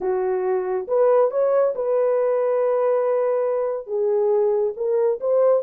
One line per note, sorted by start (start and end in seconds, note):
0.01 0.87 F#4
0.87 1.30 B4
1.30 1.73 C#5
1.75 3.86 B4
3.86 4.73 G#4
4.76 5.19 A#4
5.20 5.63 C5